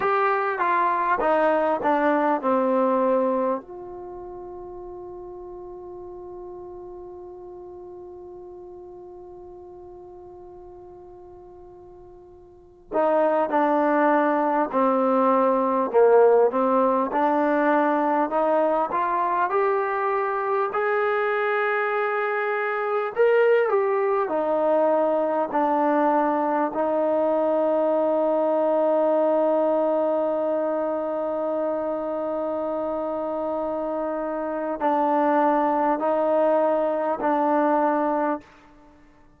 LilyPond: \new Staff \with { instrumentName = "trombone" } { \time 4/4 \tempo 4 = 50 g'8 f'8 dis'8 d'8 c'4 f'4~ | f'1~ | f'2~ f'8. dis'8 d'8.~ | d'16 c'4 ais8 c'8 d'4 dis'8 f'16~ |
f'16 g'4 gis'2 ais'8 g'16~ | g'16 dis'4 d'4 dis'4.~ dis'16~ | dis'1~ | dis'4 d'4 dis'4 d'4 | }